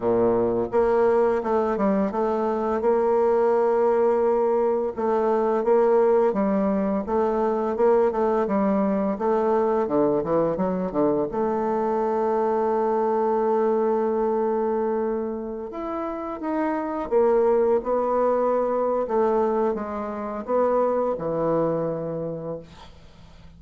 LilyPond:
\new Staff \with { instrumentName = "bassoon" } { \time 4/4 \tempo 4 = 85 ais,4 ais4 a8 g8 a4 | ais2. a4 | ais4 g4 a4 ais8 a8 | g4 a4 d8 e8 fis8 d8 |
a1~ | a2~ a16 e'4 dis'8.~ | dis'16 ais4 b4.~ b16 a4 | gis4 b4 e2 | }